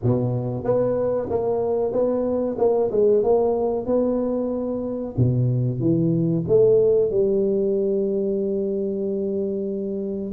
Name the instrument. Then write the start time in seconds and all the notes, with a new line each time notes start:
tuba
0.02 B2
0.63 B3
1.29 A#3
1.92 B3
2.58 A#3
2.91 G#3
3.23 A#3
3.86 B3
5.17 B2
5.79 E3
6.48 A3
7.10 G3